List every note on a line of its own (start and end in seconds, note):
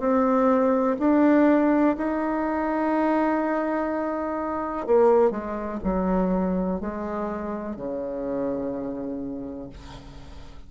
0.00 0.97 C4
0.99 1.96 D4
1.98 4.87 D#4
4.87 5.31 A#3
5.31 5.80 G#3
5.84 6.80 F#3
6.80 7.76 G#3
7.76 9.70 C#3